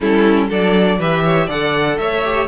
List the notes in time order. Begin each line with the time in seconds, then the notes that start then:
0.00 G3 C#4 E4 A4
0.48 F#3 D4 A4 D5
0.98 E3 G4 B4 E5
1.24 C#5
1.46 D3 A4 D5 F#5
1.98 A3 C#5 E5
2.24 G4